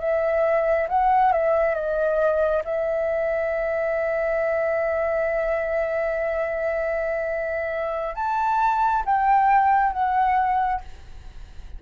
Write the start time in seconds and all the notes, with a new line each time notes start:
0.00 E5
0.89 F#5
1.33 E5
1.75 D#5
2.65 E5
8.15 A5
9.06 G5
9.93 F#5